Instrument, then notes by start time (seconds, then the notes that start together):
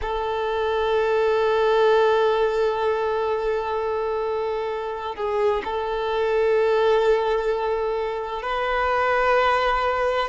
violin
0.01 A4
5.15 G#4
5.64 A4
8.42 B4